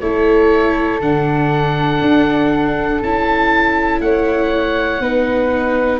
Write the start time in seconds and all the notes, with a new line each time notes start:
0.00 A3 E4 A4 C#5
1.01 D3 D4 F#5
2.01 D4
3.01 C#4 E4 A5
4.00 A3 C#5 F#5
5.00 B3 D#4 B4